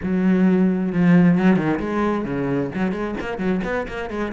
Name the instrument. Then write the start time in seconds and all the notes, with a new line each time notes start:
cello
0.02 F#3
0.92 F3
1.38 F#3
1.56 D#3
1.79 G#3
2.25 C#3
2.74 F#3
2.92 G#3
3.20 A#3
3.38 F#3
3.64 B3
3.87 A#3
4.10 G#3